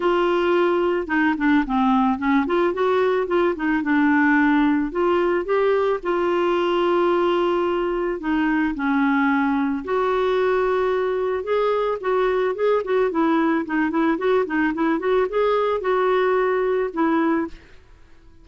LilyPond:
\new Staff \with { instrumentName = "clarinet" } { \time 4/4 \tempo 4 = 110 f'2 dis'8 d'8 c'4 | cis'8 f'8 fis'4 f'8 dis'8 d'4~ | d'4 f'4 g'4 f'4~ | f'2. dis'4 |
cis'2 fis'2~ | fis'4 gis'4 fis'4 gis'8 fis'8 | e'4 dis'8 e'8 fis'8 dis'8 e'8 fis'8 | gis'4 fis'2 e'4 | }